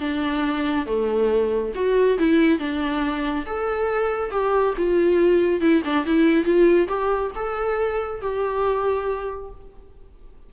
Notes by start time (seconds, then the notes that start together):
0.00 D4
0.86 A3
1.75 F#4
2.19 E4
2.59 D4
3.46 A4
4.31 G4
4.77 F4
5.61 E4
5.85 D4
6.06 E4
6.45 F4
6.88 G4
7.36 A4
8.21 G4